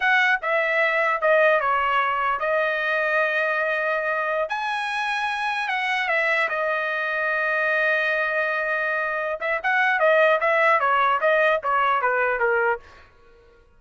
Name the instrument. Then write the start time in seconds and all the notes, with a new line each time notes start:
trumpet
0.00 F#5
0.41 E5
1.21 D#5
1.60 C#5
2.39 D#5
4.49 G#5
5.68 F#5
6.08 E5
6.48 D#5
9.40 E5
9.63 F#5
9.99 D#5
10.40 E5
10.79 C#5
11.21 D#5
11.63 C#5
12.01 B4
12.39 A#4